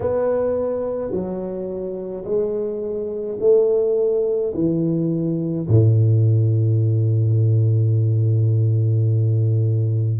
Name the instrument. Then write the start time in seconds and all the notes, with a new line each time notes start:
tuba
0.00 B3
1.11 F#3
2.24 G#3
3.40 A3
4.54 E3
5.67 A2